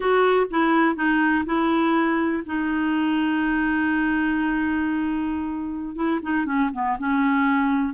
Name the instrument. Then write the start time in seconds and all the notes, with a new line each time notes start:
clarinet
0.00 F#4
0.50 E4
0.95 D#4
1.45 E4
2.45 D#4
5.95 E4
6.22 D#4
6.45 C#4
6.73 B3
6.98 C#4